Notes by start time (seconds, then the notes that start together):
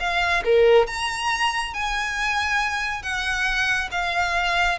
0.00 F5
0.45 A#4
0.87 A#5
1.74 G#5
3.03 F#5
3.92 F5